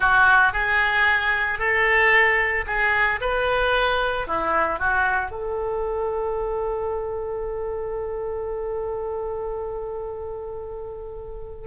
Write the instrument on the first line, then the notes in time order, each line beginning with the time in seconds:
oboe
0.00 F#4
0.52 G#4
1.58 A4
2.67 G#4
3.21 B4
4.27 E4
4.79 F#4
5.30 A4